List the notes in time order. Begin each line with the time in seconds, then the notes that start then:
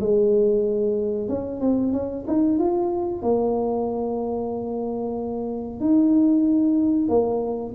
0.00 G#3
1.28 C#4
1.61 C4
1.93 C#4
2.27 D#4
2.58 F4
3.22 A#3
5.80 D#4
7.09 A#3